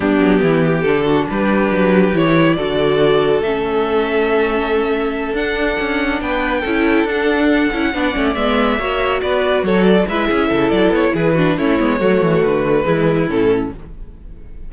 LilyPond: <<
  \new Staff \with { instrumentName = "violin" } { \time 4/4 \tempo 4 = 140 g'2 a'4 b'4~ | b'4 cis''4 d''2 | e''1~ | e''8 fis''2 g''4.~ |
g''8 fis''2. e''8~ | e''4. d''4 cis''8 d''8 e''8~ | e''4 d''8 cis''8 b'4 cis''4~ | cis''4 b'2 a'4 | }
  \new Staff \with { instrumentName = "violin" } { \time 4/4 d'4 e'8 g'4 fis'8 g'4~ | g'2 a'2~ | a'1~ | a'2~ a'8 b'4 a'8~ |
a'2~ a'8 d''4.~ | d''8 cis''4 b'4 a'4 b'8 | gis'8 a'4. gis'8 fis'8 e'4 | fis'2 e'2 | }
  \new Staff \with { instrumentName = "viola" } { \time 4/4 b2 d'2~ | d'4 e'4 fis'2 | cis'1~ | cis'8 d'2. e'8~ |
e'8 d'4. e'8 d'8 cis'8 b8~ | b8 fis'2. e'8~ | e'2~ e'8 d'8 cis'8 b8 | a2 gis4 cis'4 | }
  \new Staff \with { instrumentName = "cello" } { \time 4/4 g8 fis8 e4 d4 g4 | fis4 e4 d2 | a1~ | a8 d'4 cis'4 b4 cis'8~ |
cis'8 d'4. cis'8 b8 a8 gis8~ | gis8 ais4 b4 fis4 gis8 | cis'8 cis8 fis8 b8 e4 a8 gis8 | fis8 e8 d4 e4 a,4 | }
>>